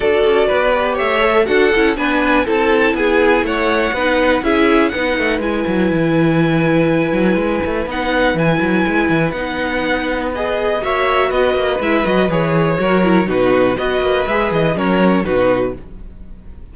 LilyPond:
<<
  \new Staff \with { instrumentName = "violin" } { \time 4/4 \tempo 4 = 122 d''2 e''4 fis''4 | gis''4 a''4 gis''4 fis''4~ | fis''4 e''4 fis''4 gis''4~ | gis''1 |
fis''4 gis''2 fis''4~ | fis''4 dis''4 e''4 dis''4 | e''8 dis''8 cis''2 b'4 | dis''4 e''8 dis''8 cis''4 b'4 | }
  \new Staff \with { instrumentName = "violin" } { \time 4/4 a'4 b'4 cis''4 a'4 | b'4 a'4 gis'4 cis''4 | b'4 gis'4 b'2~ | b'1~ |
b'1~ | b'2 cis''4 b'4~ | b'2 ais'4 fis'4 | b'2 ais'4 fis'4 | }
  \new Staff \with { instrumentName = "viola" } { \time 4/4 fis'4. g'4 a'8 fis'8 e'8 | d'4 e'2. | dis'4 e'4 dis'4 e'4~ | e'1 |
dis'4 e'2 dis'4~ | dis'4 gis'4 fis'2 | e'8 fis'8 gis'4 fis'8 e'8 dis'4 | fis'4 gis'4 cis'4 dis'4 | }
  \new Staff \with { instrumentName = "cello" } { \time 4/4 d'8 cis'8 b4 a4 d'8 cis'8 | b4 c'4 b4 a4 | b4 cis'4 b8 a8 gis8 fis8 | e2~ e8 fis8 gis8 a8 |
b4 e8 fis8 gis8 e8 b4~ | b2 ais4 b8 ais8 | gis8 fis8 e4 fis4 b,4 | b8 ais8 gis8 e8 fis4 b,4 | }
>>